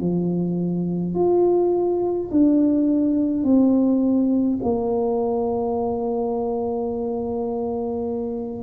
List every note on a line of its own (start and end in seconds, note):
0.00 1.14 F3
1.14 2.29 F4
2.31 3.44 D4
3.44 4.59 C4
4.62 8.63 A#3